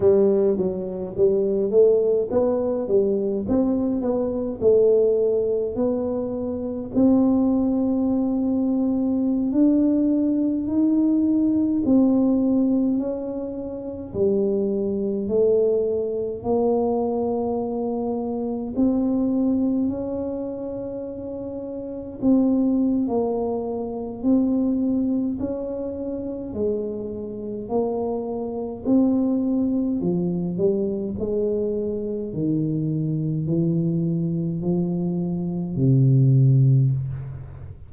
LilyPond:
\new Staff \with { instrumentName = "tuba" } { \time 4/4 \tempo 4 = 52 g8 fis8 g8 a8 b8 g8 c'8 b8 | a4 b4 c'2~ | c'16 d'4 dis'4 c'4 cis'8.~ | cis'16 g4 a4 ais4.~ ais16~ |
ais16 c'4 cis'2 c'8. | ais4 c'4 cis'4 gis4 | ais4 c'4 f8 g8 gis4 | dis4 e4 f4 c4 | }